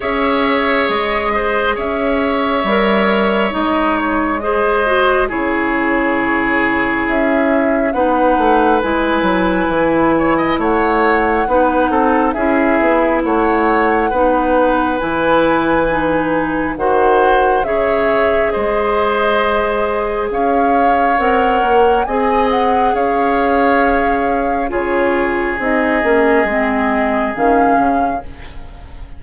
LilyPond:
<<
  \new Staff \with { instrumentName = "flute" } { \time 4/4 \tempo 4 = 68 e''4 dis''4 e''2 | dis''8 cis''8 dis''4 cis''2 | e''4 fis''4 gis''2 | fis''2 e''4 fis''4~ |
fis''4 gis''2 fis''4 | e''4 dis''2 f''4 | fis''4 gis''8 fis''8 f''2 | cis''4 dis''2 f''4 | }
  \new Staff \with { instrumentName = "oboe" } { \time 4/4 cis''4. c''8 cis''2~ | cis''4 c''4 gis'2~ | gis'4 b'2~ b'8 cis''16 dis''16 | cis''4 b'8 a'8 gis'4 cis''4 |
b'2. c''4 | cis''4 c''2 cis''4~ | cis''4 dis''4 cis''2 | gis'1 | }
  \new Staff \with { instrumentName = "clarinet" } { \time 4/4 gis'2. ais'4 | dis'4 gis'8 fis'8 e'2~ | e'4 dis'4 e'2~ | e'4 dis'4 e'2 |
dis'4 e'4 dis'4 fis'4 | gis'1 | ais'4 gis'2. | f'4 dis'8 cis'8 c'4 cis'4 | }
  \new Staff \with { instrumentName = "bassoon" } { \time 4/4 cis'4 gis4 cis'4 g4 | gis2 cis2 | cis'4 b8 a8 gis8 fis8 e4 | a4 b8 c'8 cis'8 b8 a4 |
b4 e2 dis4 | cis4 gis2 cis'4 | c'8 ais8 c'4 cis'2 | cis4 c'8 ais8 gis4 dis8 cis8 | }
>>